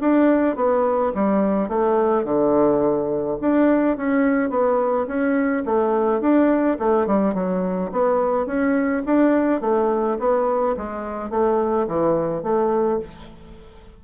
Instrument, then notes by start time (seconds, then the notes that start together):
bassoon
0.00 D4
0.55 B3
1.14 G3
1.68 A3
2.24 D3
3.41 D4
3.97 C#4
4.49 B3
5.07 C#4
5.65 A3
6.20 D4
6.79 A3
7.06 G3
7.34 F#3
7.91 B3
8.46 C#4
9.05 D4
9.60 A3
10.19 B3
10.77 G#3
11.30 A3
11.87 E3
12.42 A3